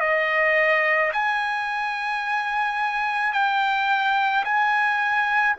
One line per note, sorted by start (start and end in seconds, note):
0.00 1.11 D#5
1.13 3.33 G#5
3.33 4.44 G5
4.45 5.56 G#5